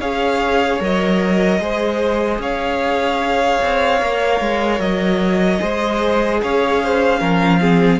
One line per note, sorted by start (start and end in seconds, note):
0.00 0.80 C#4
0.00 0.80 G#4
0.00 1.60 C#5
0.00 0.81 F5
0.80 1.59 F#3
0.80 1.60 A#4
0.80 2.41 D#5
1.59 2.39 G#3
1.59 4.00 G#4
1.59 2.41 C5
2.39 3.59 C#4
2.39 5.61 C#5
2.39 4.80 F5
3.62 4.01 C4
4.01 4.40 A#3
4.01 5.59 A#4
4.40 4.79 G#3
4.79 5.60 F#3
4.79 6.40 D#5
5.59 6.42 G#3
5.59 7.19 G#4
5.59 6.41 C5
6.43 7.21 C#4
6.43 6.83 C#5
6.43 8.00 F5
6.83 7.20 C5
7.19 8.00 F3
7.19 7.59 C#4
7.19 7.60 A#4
7.60 8.00 C4
7.60 8.00 G#4